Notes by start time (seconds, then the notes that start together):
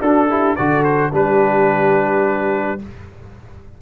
0.00 D4 F#4 A4
0.29 E4 G4
0.56 D3 F#4 A4 D5
0.84 C5
1.13 G3 D4 G4 B4